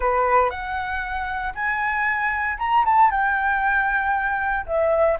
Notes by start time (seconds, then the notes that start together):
0.00 B4
0.50 F#5
1.54 G#5
2.58 A#5
2.85 A5
3.10 G5
4.66 E5